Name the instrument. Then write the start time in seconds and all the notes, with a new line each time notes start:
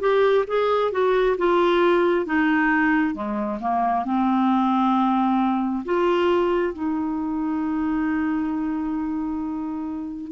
clarinet
0.00 G4
0.47 G#4
0.92 F#4
1.38 F4
2.26 D#4
3.15 G#3
3.60 A#3
4.05 C4
5.85 F4
6.74 D#4